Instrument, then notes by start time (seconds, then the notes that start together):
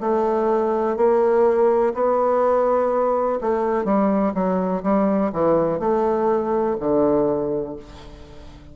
bassoon
0.00 A3
0.96 A#3
1.94 B3
3.40 A3
3.84 G3
4.34 F#3
4.83 G3
5.32 E3
5.79 A3
6.79 D3